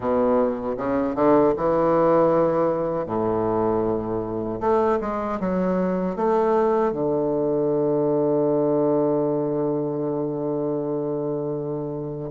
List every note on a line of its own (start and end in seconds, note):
0.00 0.76 B2
0.77 1.15 C#3
1.15 1.53 D3
1.57 3.06 E3
3.06 4.59 A2
4.60 4.99 A3
5.00 5.39 G#3
5.40 6.16 F#3
6.16 6.92 A3
6.92 12.30 D3